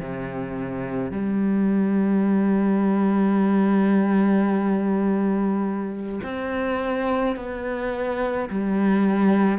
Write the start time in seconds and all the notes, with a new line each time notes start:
0.00 C3
1.11 G3
6.23 C4
7.36 B3
8.50 G3